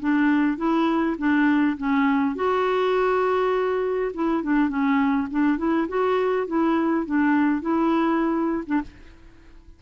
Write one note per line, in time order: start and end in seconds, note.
0.00 0.58 D4
0.58 1.17 E4
1.19 1.78 D4
1.78 2.36 C#4
2.36 4.12 F#4
4.14 4.43 E4
4.43 4.69 D4
4.69 5.28 C#4
5.31 5.58 D4
5.58 5.88 E4
5.89 6.47 F#4
6.47 7.06 E4
7.06 7.61 D4
7.61 8.64 E4
8.67 8.82 D4